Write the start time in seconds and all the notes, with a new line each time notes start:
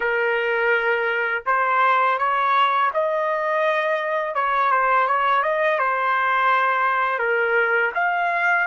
0.00 A#4
1.46 C5
2.18 C#5
2.93 D#5
4.34 C#5
4.71 C5
5.07 C#5
5.42 D#5
5.78 C5
7.19 A#4
7.95 F5